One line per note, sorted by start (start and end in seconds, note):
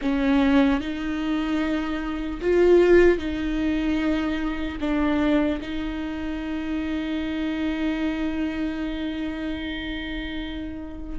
0.01 0.80 C#4
0.80 2.40 D#4
2.41 3.18 F4
3.18 4.78 D#4
4.80 5.60 D4
5.61 11.19 D#4